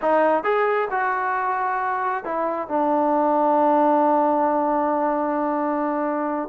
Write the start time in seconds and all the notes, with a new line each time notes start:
0.01 D#4
0.43 G#4
0.90 F#4
2.24 E4
2.68 D4